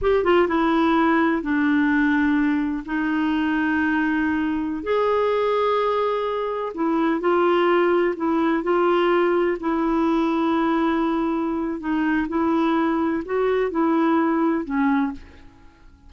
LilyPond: \new Staff \with { instrumentName = "clarinet" } { \time 4/4 \tempo 4 = 127 g'8 f'8 e'2 d'4~ | d'2 dis'2~ | dis'2~ dis'16 gis'4.~ gis'16~ | gis'2~ gis'16 e'4 f'8.~ |
f'4~ f'16 e'4 f'4.~ f'16~ | f'16 e'2.~ e'8.~ | e'4 dis'4 e'2 | fis'4 e'2 cis'4 | }